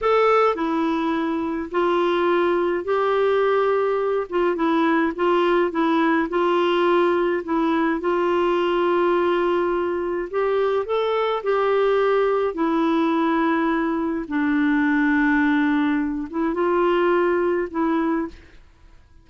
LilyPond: \new Staff \with { instrumentName = "clarinet" } { \time 4/4 \tempo 4 = 105 a'4 e'2 f'4~ | f'4 g'2~ g'8 f'8 | e'4 f'4 e'4 f'4~ | f'4 e'4 f'2~ |
f'2 g'4 a'4 | g'2 e'2~ | e'4 d'2.~ | d'8 e'8 f'2 e'4 | }